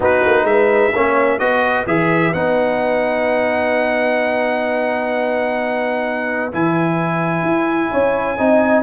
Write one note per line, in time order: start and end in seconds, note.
0.00 0.23 B3
0.00 0.92 D#4
0.00 0.47 F#4
0.00 0.46 B4
0.25 0.44 A#3
0.44 0.90 G#3
0.44 0.93 B4
0.44 1.38 E5
0.93 1.39 A#3
0.93 1.39 C#4
0.93 1.39 C#5
1.38 1.85 B3
1.38 1.86 F#4
1.38 7.90 B4
1.38 1.85 D#5
1.86 2.33 E3
1.86 2.33 G#4
1.86 2.33 E5
2.33 6.52 B3
2.33 6.52 D#4
2.33 6.52 F#5
6.52 7.42 E3
6.52 8.37 E4
6.52 8.82 G#5
7.42 7.89 E4
7.91 8.38 C#4
7.91 8.37 C#5
8.37 8.82 C4
8.37 8.82 D#4
8.37 8.82 D#5